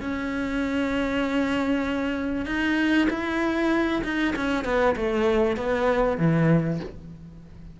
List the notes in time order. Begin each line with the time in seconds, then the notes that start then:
0.00 C#4
2.45 D#4
3.09 E4
4.03 D#4
4.35 C#4
4.64 B3
4.96 A3
5.56 B3
6.17 E3